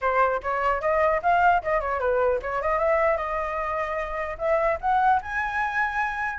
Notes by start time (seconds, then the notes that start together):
0.01 C5
0.42 C#5
0.81 D#5
1.22 F5
1.62 D#5
1.80 C#5
1.99 B4
2.42 C#5
2.61 D#5
2.78 E5
3.17 D#5
4.38 E5
4.80 F#5
5.22 G#5